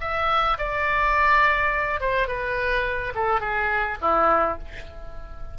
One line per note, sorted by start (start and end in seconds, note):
0.00 0.57 E5
0.58 2.00 D5
2.00 2.27 C5
2.27 3.13 B4
3.15 3.40 A4
3.40 3.97 G#4
4.01 4.58 E4